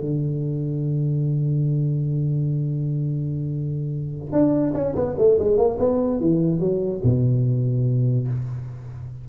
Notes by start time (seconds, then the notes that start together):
0.00 D3
4.32 D4
4.74 C#4
4.95 B3
5.18 A3
5.39 G#3
5.57 A#3
5.79 B3
6.20 E3
6.59 F#3
7.03 B2